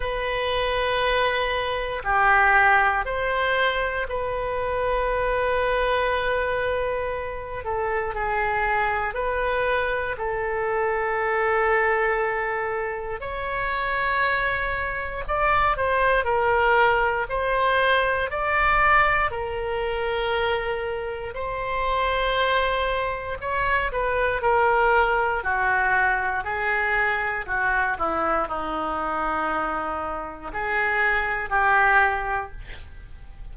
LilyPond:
\new Staff \with { instrumentName = "oboe" } { \time 4/4 \tempo 4 = 59 b'2 g'4 c''4 | b'2.~ b'8 a'8 | gis'4 b'4 a'2~ | a'4 cis''2 d''8 c''8 |
ais'4 c''4 d''4 ais'4~ | ais'4 c''2 cis''8 b'8 | ais'4 fis'4 gis'4 fis'8 e'8 | dis'2 gis'4 g'4 | }